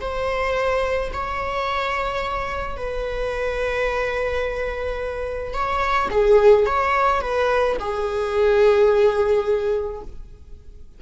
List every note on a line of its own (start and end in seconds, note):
0.00 1.11 C5
1.12 2.76 C#5
2.76 5.53 B4
5.53 6.09 C#5
6.11 6.65 G#4
6.65 7.21 C#5
7.21 7.77 B4
7.79 10.01 G#4